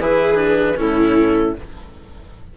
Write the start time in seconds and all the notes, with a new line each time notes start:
0.00 E3 E4 G#4 B4
0.35 D4
0.76 A2 C#4 E4 A4